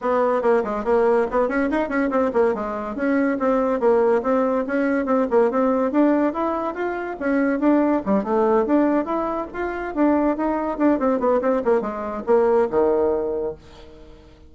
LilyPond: \new Staff \with { instrumentName = "bassoon" } { \time 4/4 \tempo 4 = 142 b4 ais8 gis8 ais4 b8 cis'8 | dis'8 cis'8 c'8 ais8 gis4 cis'4 | c'4 ais4 c'4 cis'4 | c'8 ais8 c'4 d'4 e'4 |
f'4 cis'4 d'4 g8 a8~ | a8 d'4 e'4 f'4 d'8~ | d'8 dis'4 d'8 c'8 b8 c'8 ais8 | gis4 ais4 dis2 | }